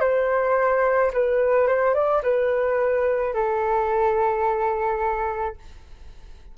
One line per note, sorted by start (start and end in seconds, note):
0.00 1.11 C5
1.13 1.67 B4
1.67 1.94 C5
1.94 2.22 D5
2.23 3.34 B4
3.34 5.56 A4